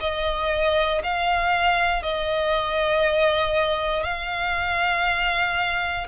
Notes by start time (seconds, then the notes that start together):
0.00 D#5
1.03 F5
2.02 D#5
4.03 F5